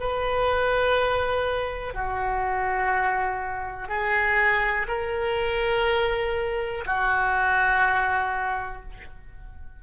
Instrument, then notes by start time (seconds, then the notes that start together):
oboe
0.00 B4
1.94 F#4
3.88 G#4
4.87 A#4
6.86 F#4